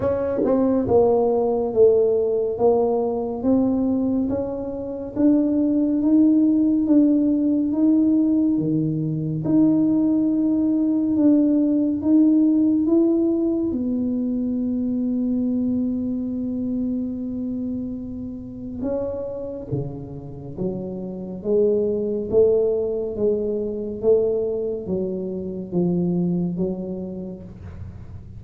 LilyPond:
\new Staff \with { instrumentName = "tuba" } { \time 4/4 \tempo 4 = 70 cis'8 c'8 ais4 a4 ais4 | c'4 cis'4 d'4 dis'4 | d'4 dis'4 dis4 dis'4~ | dis'4 d'4 dis'4 e'4 |
b1~ | b2 cis'4 cis4 | fis4 gis4 a4 gis4 | a4 fis4 f4 fis4 | }